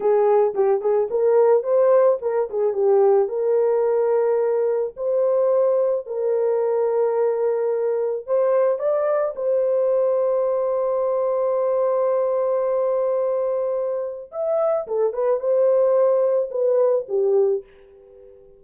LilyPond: \new Staff \with { instrumentName = "horn" } { \time 4/4 \tempo 4 = 109 gis'4 g'8 gis'8 ais'4 c''4 | ais'8 gis'8 g'4 ais'2~ | ais'4 c''2 ais'4~ | ais'2. c''4 |
d''4 c''2.~ | c''1~ | c''2 e''4 a'8 b'8 | c''2 b'4 g'4 | }